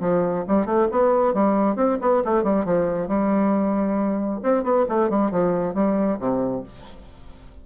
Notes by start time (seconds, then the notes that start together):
0.00 F3
0.47 G3
0.66 A3
0.91 B3
1.34 G3
1.75 C4
2.01 B3
2.24 A3
2.43 G3
2.65 F3
3.08 G3
4.43 C4
4.63 B3
4.88 A3
5.09 G3
5.31 F3
5.74 G3
6.19 C3